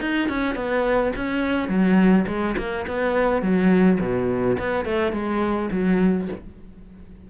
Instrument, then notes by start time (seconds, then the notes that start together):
cello
0.00 D#4
0.29 C#4
0.55 B3
1.16 C#4
1.68 F#3
2.27 G#3
2.57 A#3
2.87 B3
3.42 F#3
4.00 B2
4.58 B3
4.85 A3
5.12 G#3
5.71 F#3